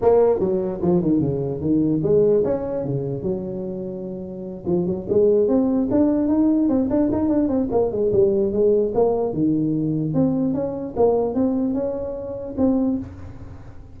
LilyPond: \new Staff \with { instrumentName = "tuba" } { \time 4/4 \tempo 4 = 148 ais4 fis4 f8 dis8 cis4 | dis4 gis4 cis'4 cis4 | fis2.~ fis8 f8 | fis8 gis4 c'4 d'4 dis'8~ |
dis'8 c'8 d'8 dis'8 d'8 c'8 ais8 gis8 | g4 gis4 ais4 dis4~ | dis4 c'4 cis'4 ais4 | c'4 cis'2 c'4 | }